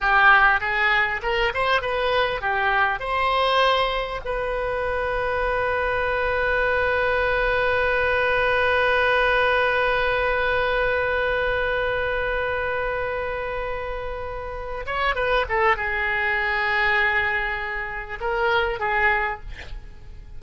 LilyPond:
\new Staff \with { instrumentName = "oboe" } { \time 4/4 \tempo 4 = 99 g'4 gis'4 ais'8 c''8 b'4 | g'4 c''2 b'4~ | b'1~ | b'1~ |
b'1~ | b'1~ | b'8 cis''8 b'8 a'8 gis'2~ | gis'2 ais'4 gis'4 | }